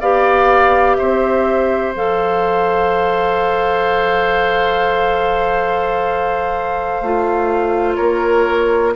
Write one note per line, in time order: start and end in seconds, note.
0.00 0.98 B3
0.00 1.95 G4
0.00 0.97 D5
0.00 0.96 F5
0.96 1.95 C4
0.96 7.96 C5
0.96 1.93 E5
1.95 7.01 F3
1.95 7.03 A4
1.95 7.95 F5
7.01 7.98 A3
7.01 8.96 F4
7.95 8.96 A#3
7.95 8.93 A#4
7.95 8.92 C#5